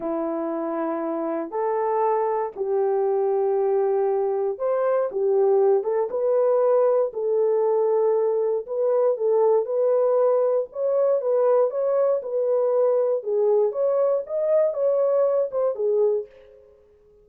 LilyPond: \new Staff \with { instrumentName = "horn" } { \time 4/4 \tempo 4 = 118 e'2. a'4~ | a'4 g'2.~ | g'4 c''4 g'4. a'8 | b'2 a'2~ |
a'4 b'4 a'4 b'4~ | b'4 cis''4 b'4 cis''4 | b'2 gis'4 cis''4 | dis''4 cis''4. c''8 gis'4 | }